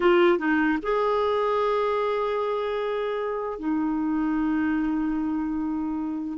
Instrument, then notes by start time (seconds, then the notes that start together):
clarinet
0.00 F4
0.38 D#4
0.82 G#4
3.58 D#4